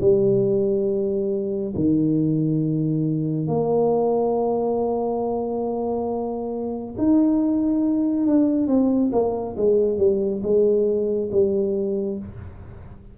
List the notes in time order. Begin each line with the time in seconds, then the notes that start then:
0.00 G3
1.75 D#3
3.47 A#3
6.98 D#4
8.26 D4
8.67 C4
9.12 A#3
9.56 G#3
9.98 G3
10.42 G#3
11.31 G3